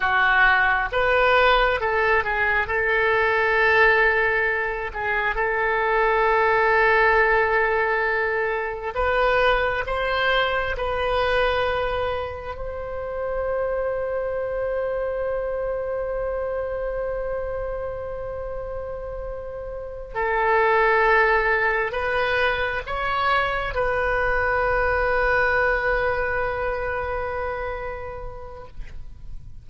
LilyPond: \new Staff \with { instrumentName = "oboe" } { \time 4/4 \tempo 4 = 67 fis'4 b'4 a'8 gis'8 a'4~ | a'4. gis'8 a'2~ | a'2 b'4 c''4 | b'2 c''2~ |
c''1~ | c''2~ c''8 a'4.~ | a'8 b'4 cis''4 b'4.~ | b'1 | }